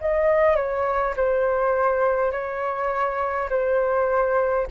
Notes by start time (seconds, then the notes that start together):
0.00 D#5
0.55 C#5
1.16 C5
2.32 C#5
3.49 C5